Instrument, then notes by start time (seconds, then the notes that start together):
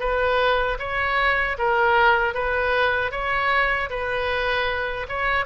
oboe
0.00 B4
0.79 C#5
1.58 A#4
2.34 B4
3.12 C#5
3.90 B4
5.09 C#5